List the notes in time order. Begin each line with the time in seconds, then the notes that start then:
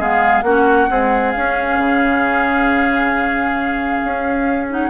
0.00 G#3 B3 G#4 F5
0.42 A#3 C#4 F#4 F#5
0.90 G#3 C4 G#4
1.32 C#4 F5
1.78 C#3
4.05 C#4
4.70 D#4 F#5